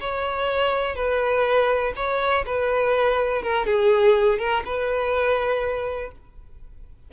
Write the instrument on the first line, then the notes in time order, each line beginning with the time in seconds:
violin
0.00 C#5
0.96 B4
1.96 C#5
2.46 B4
3.42 A#4
3.66 G#4
4.39 A#4
4.65 B4